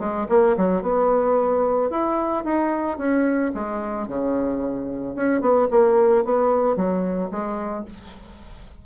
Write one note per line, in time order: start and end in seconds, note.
0.00 0.27 G#3
0.29 0.57 A#3
0.57 0.83 F#3
0.83 1.90 B3
1.90 2.44 E4
2.45 2.98 D#4
2.98 3.52 C#4
3.55 4.08 G#3
4.08 5.16 C#3
5.16 5.41 C#4
5.41 5.68 B3
5.71 6.25 A#3
6.25 6.77 B3
6.77 7.31 F#3
7.31 7.86 G#3